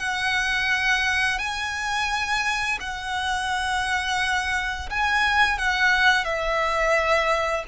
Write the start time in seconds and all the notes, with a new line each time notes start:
0.00 F#5
1.39 G#5
2.81 F#5
4.90 G#5
5.58 F#5
6.25 E5